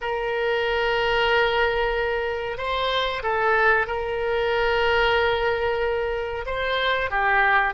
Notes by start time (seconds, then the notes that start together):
0.01 A#4
2.57 C5
3.23 A4
3.87 A#4
6.45 C5
7.10 G4